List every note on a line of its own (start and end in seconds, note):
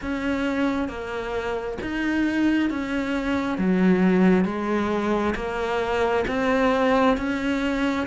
0.01 0.88 C#4
0.88 1.77 A#3
1.81 2.69 D#4
2.69 3.57 C#4
3.57 4.45 F#3
4.45 5.34 G#3
5.35 6.24 A#3
6.27 7.17 C4
7.17 8.06 C#4